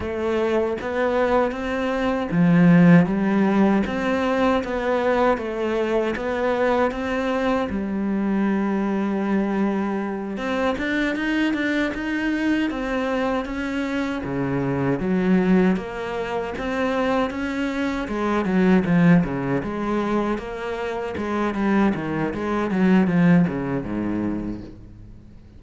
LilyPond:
\new Staff \with { instrumentName = "cello" } { \time 4/4 \tempo 4 = 78 a4 b4 c'4 f4 | g4 c'4 b4 a4 | b4 c'4 g2~ | g4. c'8 d'8 dis'8 d'8 dis'8~ |
dis'8 c'4 cis'4 cis4 fis8~ | fis8 ais4 c'4 cis'4 gis8 | fis8 f8 cis8 gis4 ais4 gis8 | g8 dis8 gis8 fis8 f8 cis8 gis,4 | }